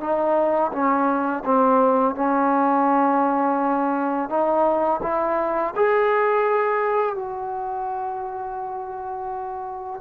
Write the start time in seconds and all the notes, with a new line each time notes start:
0.00 D#4
0.72 C#4
1.45 C4
2.15 C#4
4.29 D#4
5.03 E4
5.76 G#4
7.16 F#4